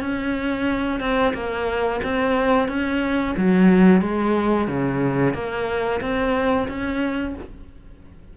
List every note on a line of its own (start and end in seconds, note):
0.00 1.00 C#4
1.00 1.33 C4
1.34 2.00 A#3
2.03 2.68 C4
2.68 3.35 C#4
3.37 4.01 F#3
4.01 4.68 G#3
4.68 5.34 C#3
5.34 6.00 A#3
6.01 6.68 C4
6.68 7.35 C#4